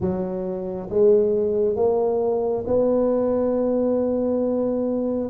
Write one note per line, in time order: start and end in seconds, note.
0.00 0.89 F#3
0.89 1.76 G#3
1.76 2.64 A#3
2.67 5.30 B3